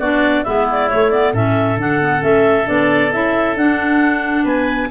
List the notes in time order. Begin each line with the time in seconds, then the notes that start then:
0.00 B3 D4 F#4 D5
0.44 G#3 B3 E4 E5
0.72 D5
0.90 A3 C#5
1.11 B3 D5
1.34 A2 C#4 A4 E5
1.78 D3 D4 F#5
2.01 B3
2.20 A3 C#4 E5
2.66 B3 D4 D5
3.13 C#4 E4 E5
3.56 D4 F#5
4.44 B3 B4 G#5